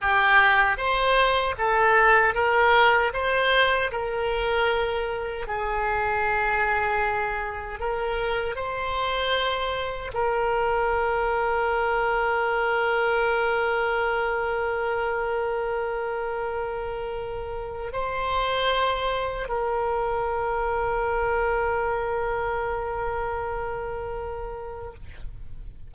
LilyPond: \new Staff \with { instrumentName = "oboe" } { \time 4/4 \tempo 4 = 77 g'4 c''4 a'4 ais'4 | c''4 ais'2 gis'4~ | gis'2 ais'4 c''4~ | c''4 ais'2.~ |
ais'1~ | ais'2. c''4~ | c''4 ais'2.~ | ais'1 | }